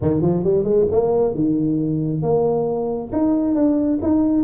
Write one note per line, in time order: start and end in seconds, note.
0.01 0.21 D#3
0.21 0.43 F3
0.43 0.64 G3
0.64 0.86 G#3
0.91 1.34 A#3
1.34 2.22 D#3
2.22 3.11 A#3
3.12 3.54 D#4
3.54 3.99 D4
4.02 4.43 D#4